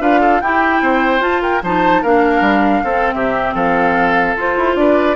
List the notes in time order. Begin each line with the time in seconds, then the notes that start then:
0.00 D4 F4 B4 F5
0.21 A4
0.41 E4 G4 G5
0.81 C4 C5
1.20 F4 A5
1.42 A#4 G5
1.62 F3 D#4 C5 A5
2.02 A#3 D4 A#4 F5
2.41 G3
2.84 C4 A4
3.13 C3 G4 E5
3.54 F3 A4 F5
4.36 F4 C5
4.57 E4
4.75 D4 B4 D5